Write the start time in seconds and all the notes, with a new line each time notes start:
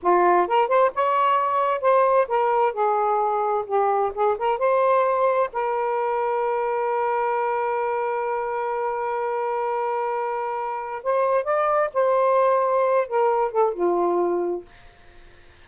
0.02 F4
0.47 A#4
0.68 C5
0.94 C#5
1.81 C5
2.28 A#4
2.73 G#4
3.66 G4
4.14 G#4
4.38 A#4
4.58 C5
5.53 A#4
11.03 C5
11.44 D5
11.93 C5
13.07 A#4
13.51 A4
13.73 F4